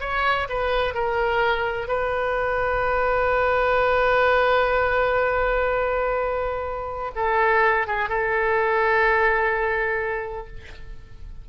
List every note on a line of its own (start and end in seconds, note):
0.00 0.48 C#5
0.49 0.94 B4
0.94 1.87 A#4
1.87 7.11 B4
7.15 7.87 A4
7.87 8.09 G#4
8.09 10.47 A4